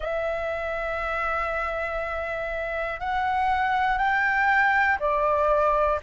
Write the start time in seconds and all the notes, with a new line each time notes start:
0.00 E5
3.00 F#5
3.98 G5
4.99 D5